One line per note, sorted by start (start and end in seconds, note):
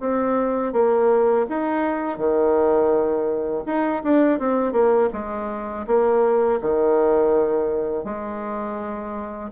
0.00 0.73 C4
0.73 1.46 A#3
1.49 2.18 D#4
2.18 3.64 D#3
3.66 4.02 D#4
4.03 4.39 D4
4.39 4.72 C4
4.72 5.09 A#3
5.13 5.86 G#3
5.87 6.60 A#3
6.61 8.04 D#3
8.04 9.51 G#3